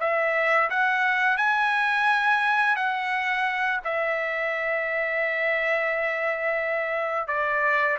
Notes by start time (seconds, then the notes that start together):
0.00 E5
0.70 F#5
1.37 G#5
2.76 F#5
3.84 E5
7.27 D5